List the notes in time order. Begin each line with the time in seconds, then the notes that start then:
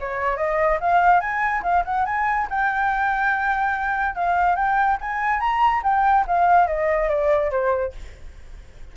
0.00 C#5
0.37 D#5
0.80 F5
1.20 G#5
1.63 F5
1.85 F#5
2.06 G#5
2.50 G5
4.15 F5
4.56 G5
5.01 G#5
5.40 A#5
5.83 G5
6.27 F5
6.67 D#5
7.09 D5
7.51 C5